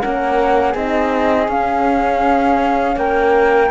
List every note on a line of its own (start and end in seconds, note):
0.00 0.74 A#3
0.00 0.75 C#4
0.00 0.71 A#4
0.00 0.74 F#5
0.71 1.48 C4
0.71 1.49 D#4
0.71 2.93 G#4
0.71 1.50 D#5
1.48 2.96 C#4
1.48 3.71 C#4
1.48 2.98 F5
2.96 3.70 A#3
2.96 3.71 A#4
2.96 3.71 G5